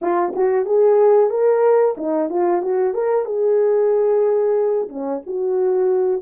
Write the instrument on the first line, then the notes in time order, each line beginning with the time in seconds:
horn
0.01 F4
0.35 F#4
0.65 G#4
1.30 A#4
1.97 D#4
2.29 F4
2.61 F#4
2.93 A#4
3.25 G#4
4.88 C#4
5.26 F#4